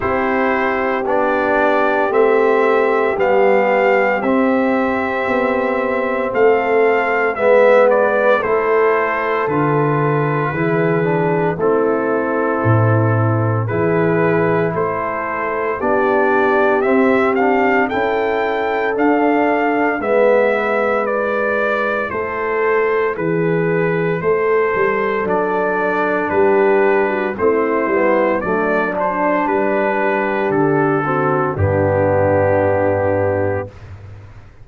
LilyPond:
<<
  \new Staff \with { instrumentName = "trumpet" } { \time 4/4 \tempo 4 = 57 c''4 d''4 e''4 f''4 | e''2 f''4 e''8 d''8 | c''4 b'2 a'4~ | a'4 b'4 c''4 d''4 |
e''8 f''8 g''4 f''4 e''4 | d''4 c''4 b'4 c''4 | d''4 b'4 c''4 d''8 c''8 | b'4 a'4 g'2 | }
  \new Staff \with { instrumentName = "horn" } { \time 4/4 g'1~ | g'2 a'4 b'4 | a'2 gis'4 e'4~ | e'4 gis'4 a'4 g'4~ |
g'4 a'2 b'4~ | b'4 a'4 gis'4 a'4~ | a'4 g'8. fis'16 e'4 d'4~ | d'8 g'4 fis'8 d'2 | }
  \new Staff \with { instrumentName = "trombone" } { \time 4/4 e'4 d'4 c'4 b4 | c'2. b4 | e'4 f'4 e'8 d'8 c'4~ | c'4 e'2 d'4 |
c'8 d'8 e'4 d'4 b4 | e'1 | d'2 c'8 b8 a8 d'8~ | d'4. c'8 b2 | }
  \new Staff \with { instrumentName = "tuba" } { \time 4/4 c'4 b4 a4 g4 | c'4 b4 a4 gis4 | a4 d4 e4 a4 | a,4 e4 a4 b4 |
c'4 cis'4 d'4 gis4~ | gis4 a4 e4 a8 g8 | fis4 g4 a8 g8 fis4 | g4 d4 g,2 | }
>>